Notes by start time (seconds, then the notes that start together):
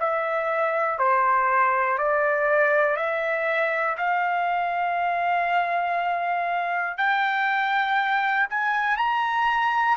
0.00 E5
0.99 C5
1.98 D5
2.97 E5
3.98 F5
6.98 G5
8.50 G#5
8.98 A#5